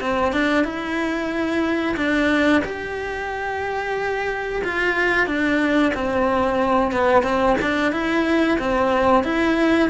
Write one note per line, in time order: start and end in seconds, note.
0.00 0.32 C4
0.32 0.64 D4
0.64 1.95 E4
1.96 2.62 D4
2.64 4.62 G4
4.64 5.26 F4
5.26 5.92 D4
5.94 6.91 C4
6.91 7.23 B3
7.23 7.56 C4
7.61 7.92 D4
7.92 8.58 E4
8.59 9.23 C4
9.23 9.89 E4